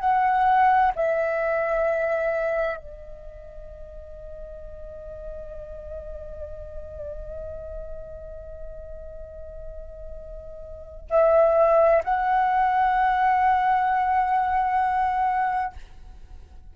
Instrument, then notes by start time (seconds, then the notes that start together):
flute
0.00 F#5
0.96 E5
2.77 D#5
11.10 E5
12.05 F#5